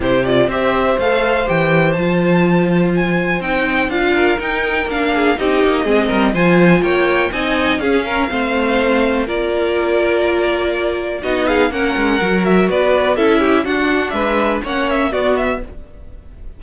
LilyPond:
<<
  \new Staff \with { instrumentName = "violin" } { \time 4/4 \tempo 4 = 123 c''8 d''8 e''4 f''4 g''4 | a''2 gis''4 g''4 | f''4 g''4 f''4 dis''4~ | dis''4 gis''4 g''4 gis''4 |
f''2. d''4~ | d''2. dis''8 f''8 | fis''4. e''8 d''4 e''4 | fis''4 e''4 fis''8 e''8 d''8 e''8 | }
  \new Staff \with { instrumentName = "violin" } { \time 4/4 g'4 c''2.~ | c''1~ | c''8 ais'2 gis'8 g'4 | gis'8 ais'8 c''4 cis''4 dis''4 |
gis'8 ais'8 c''2 ais'4~ | ais'2. fis'8 gis'8 | ais'2 b'4 a'8 g'8 | fis'4 b'4 cis''4 fis'4 | }
  \new Staff \with { instrumentName = "viola" } { \time 4/4 e'8 f'8 g'4 a'4 g'4 | f'2. dis'4 | f'4 dis'4 d'4 dis'4 | c'4 f'2 dis'4 |
cis'4 c'2 f'4~ | f'2. dis'4 | cis'4 fis'2 e'4 | d'2 cis'4 b4 | }
  \new Staff \with { instrumentName = "cello" } { \time 4/4 c4 c'4 a4 e4 | f2. c'4 | d'4 dis'4 ais4 c'8 ais8 | gis8 g8 f4 ais4 c'4 |
cis'4 a2 ais4~ | ais2. b4 | ais8 gis8 fis4 b4 cis'4 | d'4 gis4 ais4 b4 | }
>>